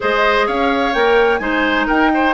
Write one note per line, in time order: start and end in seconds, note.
0.00 0.48 G#3
0.00 0.93 G#4
0.00 0.46 C5
0.00 0.47 D#5
0.46 0.94 C#4
0.46 1.40 C#5
0.46 0.93 F5
0.93 1.39 A#3
0.93 1.40 A#4
0.93 1.38 G5
1.38 1.86 G#3
1.38 2.33 D#4
1.38 1.87 C5
1.38 1.84 G#5
1.87 2.34 D#4
1.87 2.10 A#4
1.87 2.34 G5
2.13 2.34 C5